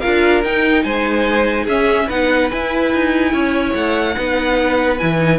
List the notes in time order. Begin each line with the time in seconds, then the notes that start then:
0.00 F4 A#4 F5
0.06 D4
0.44 D#4 G5
0.84 G#3 C5 G#5
1.64 C#4 G#4 E5
2.07 B3 D#4 B4 F#5
2.51 E4 G#5
2.94 D#4
3.33 C#4 C#5
3.74 A3 F#5
4.16 B3 D#4 B4
4.98 E3 E4 G#5
5.19 D#4